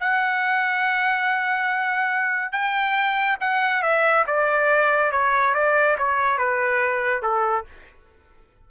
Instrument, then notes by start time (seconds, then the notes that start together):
trumpet
0.00 F#5
2.52 G5
3.40 F#5
3.82 E5
4.27 D5
5.12 C#5
5.54 D5
5.98 C#5
6.38 B4
7.22 A4